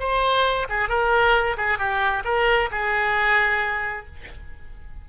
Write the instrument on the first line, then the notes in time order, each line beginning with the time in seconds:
oboe
0.00 C5
0.70 G#4
0.89 A#4
1.57 G#4
1.78 G4
2.25 A#4
2.71 G#4